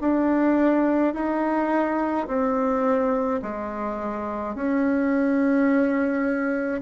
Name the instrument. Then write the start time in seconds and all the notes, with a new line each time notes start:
bassoon
0.00 D4
1.13 D#4
2.27 C4
3.42 G#3
4.55 C#4